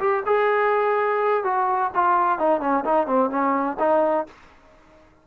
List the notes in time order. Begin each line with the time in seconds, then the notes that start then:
0.00 G4
0.26 G#4
1.44 F#4
1.95 F4
2.39 D#4
2.61 C#4
2.85 D#4
3.07 C4
3.30 C#4
3.79 D#4